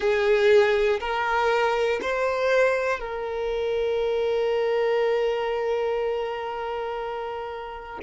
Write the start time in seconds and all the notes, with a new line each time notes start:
0.00 G#4
1.00 A#4
2.01 C5
3.00 A#4